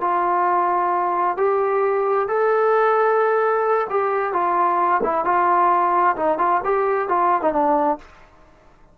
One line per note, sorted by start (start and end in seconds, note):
0.00 1.36 F4
1.37 2.28 G4
2.28 3.87 A4
3.89 4.33 G4
4.33 5.01 F4
5.03 5.24 E4
5.24 6.15 F4
6.16 6.38 D#4
6.38 6.61 F4
6.64 7.08 G4
7.08 7.41 F4
7.41 7.52 D#4
7.52 7.98 D4